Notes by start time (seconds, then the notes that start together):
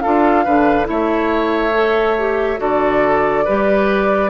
0.00 D4 F4 A4 F5
0.44 D3 D4 B4
0.84 A3 E4 C#5 E5
1.74 A4
2.18 G4
2.57 D3 F#4 A4 D5
3.44 G3 G4 B4